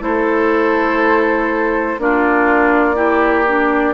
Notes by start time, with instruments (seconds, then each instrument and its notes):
0.00 bassoon A3, clarinet E4, oboe A4, flute C5
1.98 bassoon A#3, clarinet D4, oboe F4, flute D5
2.95 clarinet E4, oboe G4
3.47 clarinet D4